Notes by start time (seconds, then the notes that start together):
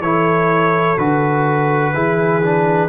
0.00 E3 E4 A4 C#5
0.98 D3 F#4 B4
1.93 E3 E4 G#4
2.43 D4